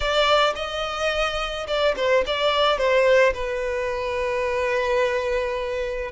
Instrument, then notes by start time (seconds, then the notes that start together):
violin
0.00 D5
0.55 D#5
1.67 D5
1.96 C5
2.26 D5
2.78 C5
3.33 B4